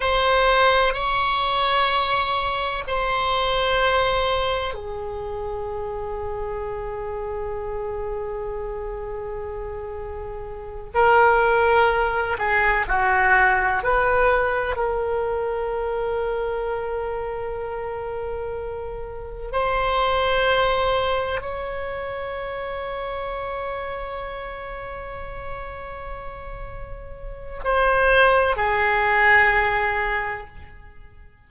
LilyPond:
\new Staff \with { instrumentName = "oboe" } { \time 4/4 \tempo 4 = 63 c''4 cis''2 c''4~ | c''4 gis'2.~ | gis'2.~ gis'8 ais'8~ | ais'4 gis'8 fis'4 b'4 ais'8~ |
ais'1~ | ais'8 c''2 cis''4.~ | cis''1~ | cis''4 c''4 gis'2 | }